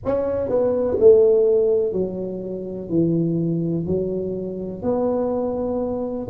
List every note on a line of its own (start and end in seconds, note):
0.05 0.49 C#4
0.49 0.97 B3
0.99 1.92 A3
1.92 2.89 F#3
2.89 3.85 E3
3.85 4.82 F#3
4.82 6.27 B3